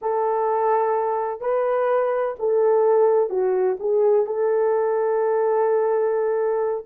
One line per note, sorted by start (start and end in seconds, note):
0.01 1.40 A4
1.40 2.35 B4
2.39 3.29 A4
3.29 3.77 F#4
3.79 4.25 G#4
4.25 6.85 A4